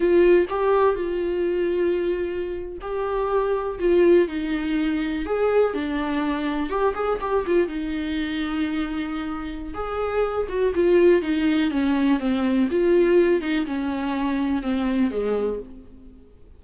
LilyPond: \new Staff \with { instrumentName = "viola" } { \time 4/4 \tempo 4 = 123 f'4 g'4 f'2~ | f'4.~ f'16 g'2 f'16~ | f'8. dis'2 gis'4 d'16~ | d'4.~ d'16 g'8 gis'8 g'8 f'8 dis'16~ |
dis'1 | gis'4. fis'8 f'4 dis'4 | cis'4 c'4 f'4. dis'8 | cis'2 c'4 gis4 | }